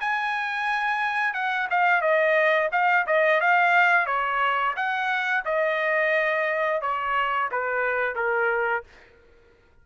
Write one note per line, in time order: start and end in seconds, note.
0.00 1.33 G#5
1.33 1.67 F#5
1.70 2.01 F5
2.01 2.69 D#5
2.71 3.06 F5
3.06 3.40 D#5
3.40 4.06 F5
4.06 4.74 C#5
4.76 5.44 F#5
5.45 6.81 D#5
6.81 7.49 C#5
7.51 8.15 B4
8.15 8.83 A#4